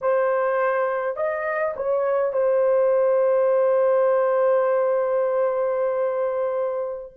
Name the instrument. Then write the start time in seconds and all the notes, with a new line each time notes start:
horn
0.01 C5
1.16 D#5
1.76 C#5
2.32 C5